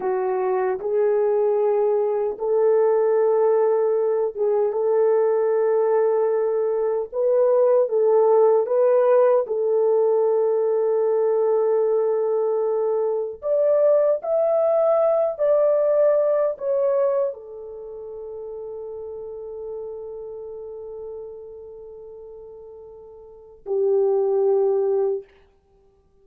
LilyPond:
\new Staff \with { instrumentName = "horn" } { \time 4/4 \tempo 4 = 76 fis'4 gis'2 a'4~ | a'4. gis'8 a'2~ | a'4 b'4 a'4 b'4 | a'1~ |
a'4 d''4 e''4. d''8~ | d''4 cis''4 a'2~ | a'1~ | a'2 g'2 | }